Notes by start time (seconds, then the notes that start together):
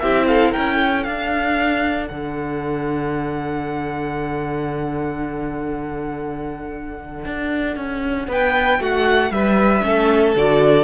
0.00 C4 E4 G4 E5
0.28 A4 F5
0.52 C#4 A#4 G5
0.77 A4
1.04 D4 F5
2.07 D3 F#5
7.26 D4
7.77 C#4
8.28 B3 B4 G5
8.80 A3 F#4 F#5
9.31 G3 B4 E5
9.83 A3 C#4 A4
10.36 D3 F#4 D5